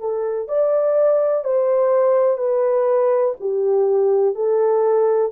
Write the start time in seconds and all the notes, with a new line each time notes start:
0.00 A4
0.48 D5
1.44 C5
2.37 B4
3.40 G4
4.35 A4